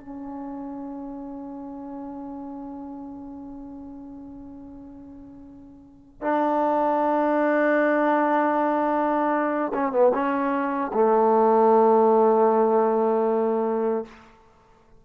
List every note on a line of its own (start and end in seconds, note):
0.00 6.22 C#4
6.22 9.72 D4
9.74 9.92 C#4
9.92 10.12 B3
10.14 10.92 C#4
10.93 14.05 A3